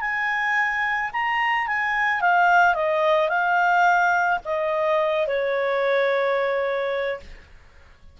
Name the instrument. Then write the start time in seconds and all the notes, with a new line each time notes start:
clarinet
0.00 G#5
1.13 A#5
1.67 G#5
2.20 F5
2.74 D#5
3.29 F5
4.44 D#5
5.27 C#5